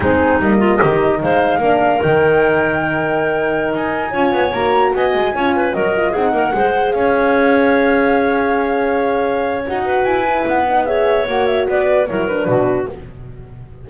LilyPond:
<<
  \new Staff \with { instrumentName = "flute" } { \time 4/4 \tempo 4 = 149 gis'4 dis''2 f''4~ | f''4 g''2.~ | g''4~ g''16 gis''2 ais''8.~ | ais''16 gis''2 dis''4 fis''8.~ |
fis''4~ fis''16 f''2~ f''8.~ | f''1 | fis''4 gis''4 fis''4 e''4 | fis''8 e''8 d''4 cis''8 b'4. | }
  \new Staff \with { instrumentName = "clarinet" } { \time 4/4 dis'4. f'8 g'4 c''4 | ais'1~ | ais'2~ ais'16 cis''4.~ cis''16~ | cis''16 dis''4 cis''8 b'8 ais'4 gis'8 ais'16~ |
ais'16 c''4 cis''2~ cis''8.~ | cis''1~ | cis''8 b'2~ b'8 cis''4~ | cis''4 b'4 ais'4 fis'4 | }
  \new Staff \with { instrumentName = "horn" } { \time 4/4 c'4 ais4 dis'2 | d'4 dis'2.~ | dis'2~ dis'16 f'4 fis'8.~ | fis'4~ fis'16 f'4 fis'8 f'8 dis'8.~ |
dis'16 gis'2.~ gis'8.~ | gis'1 | fis'4. e'4 dis'8 gis'4 | fis'2 e'8 d'4. | }
  \new Staff \with { instrumentName = "double bass" } { \time 4/4 gis4 g4 dis4 gis4 | ais4 dis2.~ | dis4~ dis16 dis'4 cis'8 b8 ais8.~ | ais16 b8 gis8 cis'4 fis4 c'8 ais16~ |
ais16 gis4 cis'2~ cis'8.~ | cis'1 | dis'4 e'4 b2 | ais4 b4 fis4 b,4 | }
>>